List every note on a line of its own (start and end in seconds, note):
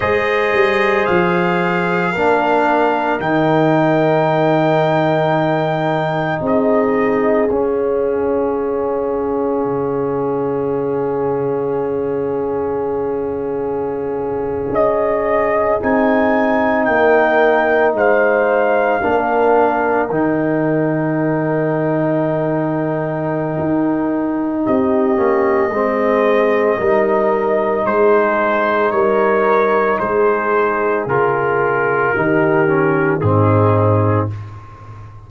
0.00 0.54 G#3
0.00 2.14 G#4
0.00 2.11 C5
0.00 1.05 D#5
0.54 1.07 G3
1.05 2.15 F3
1.05 3.20 F5
2.11 3.19 A#3
2.11 3.20 D4
2.11 6.40 A#4
3.19 6.40 D#3
3.19 7.48 D#4
3.19 6.41 G5
6.40 7.48 C4
6.40 16.85 G#4
6.40 7.49 D#5
7.49 9.64 C#4
7.49 15.80 C#4
7.49 14.72 F5
9.65 14.72 C#3
14.72 15.79 C#4
14.72 15.81 D#5
15.80 16.87 C4
15.80 19.01 D#4
15.80 16.85 G#5
16.85 17.93 A#3
16.85 17.96 A#4
16.85 17.92 G5
17.93 19.00 G#3
17.93 19.01 C5
17.93 20.10 F5
19.01 20.09 A#3
19.01 20.08 D4
19.01 24.63 A#4
20.09 23.57 D#3
20.09 25.16 D#4
20.09 24.65 G5
23.59 24.66 D#4
24.65 25.18 C4
24.65 25.72 G4
24.65 27.85 D#5
25.16 25.70 A#3
25.16 25.70 C#4
25.70 26.77 G#3
25.70 26.80 C4
25.70 26.77 G#4
26.77 27.85 G3
26.77 31.09 D#4
26.77 27.85 A#4
27.85 28.91 G#3
27.85 28.93 G#4
27.85 28.90 C5
28.90 29.98 G3
28.90 29.99 A#4
28.90 29.98 C#5
29.98 31.06 G#3
29.98 32.14 G#4
29.98 31.06 C5
31.06 32.13 C#3
31.06 32.16 F4
31.06 33.20 A#4
32.14 33.21 D#3
32.14 32.67 D#4
32.14 33.21 G4
32.67 33.20 C#4
33.20 34.29 G#2
33.20 34.30 C4
33.20 34.30 D#4
33.20 34.27 G#4